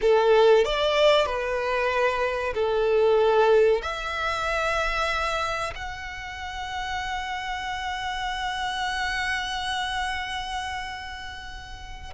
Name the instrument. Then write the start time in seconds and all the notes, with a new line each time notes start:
violin
0.01 A4
0.64 D5
1.26 B4
2.54 A4
3.82 E5
5.75 F#5